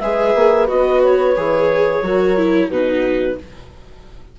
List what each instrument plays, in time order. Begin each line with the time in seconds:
0.00 bassoon G#3, viola G#4, horn B4, clarinet E5
0.35 bassoon A#3
0.67 bassoon B3, viola F#4, clarinet D#5
1.04 clarinet C#5
1.37 bassoon E3, viola G#4
2.03 bassoon F#3, viola F#4, horn A#4
2.37 viola E4
2.69 bassoon B2, viola D#4, horn F#4, clarinet B4